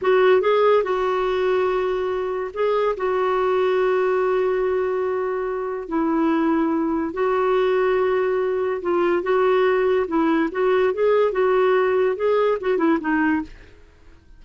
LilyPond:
\new Staff \with { instrumentName = "clarinet" } { \time 4/4 \tempo 4 = 143 fis'4 gis'4 fis'2~ | fis'2 gis'4 fis'4~ | fis'1~ | fis'2 e'2~ |
e'4 fis'2.~ | fis'4 f'4 fis'2 | e'4 fis'4 gis'4 fis'4~ | fis'4 gis'4 fis'8 e'8 dis'4 | }